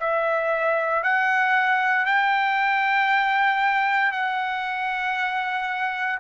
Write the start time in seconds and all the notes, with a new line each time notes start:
0.00 E5
1.03 F#5
2.06 G5
4.12 F#5